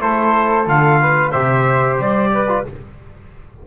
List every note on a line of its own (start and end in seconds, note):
0.00 0.67 A3
0.00 0.66 E4
0.00 1.01 A4
0.00 0.68 C5
0.66 1.33 D3
0.66 1.32 F4
0.66 1.32 F5
1.01 1.32 B4
1.32 1.99 C3
1.32 2.48 G4
1.32 2.31 C5
1.32 1.98 E5
1.99 2.65 G3
1.99 2.67 D5
2.34 2.67 B4
2.48 2.65 F4